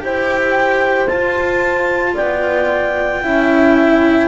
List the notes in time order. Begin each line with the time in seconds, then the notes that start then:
0.00 E4 G4 C5 G5
1.08 F4 A5
2.15 B3 D5 G5
3.23 C#4 E4 E5